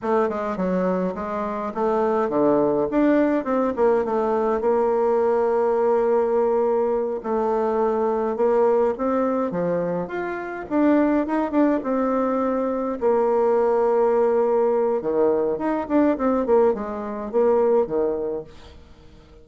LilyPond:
\new Staff \with { instrumentName = "bassoon" } { \time 4/4 \tempo 4 = 104 a8 gis8 fis4 gis4 a4 | d4 d'4 c'8 ais8 a4 | ais1~ | ais8 a2 ais4 c'8~ |
c'8 f4 f'4 d'4 dis'8 | d'8 c'2 ais4.~ | ais2 dis4 dis'8 d'8 | c'8 ais8 gis4 ais4 dis4 | }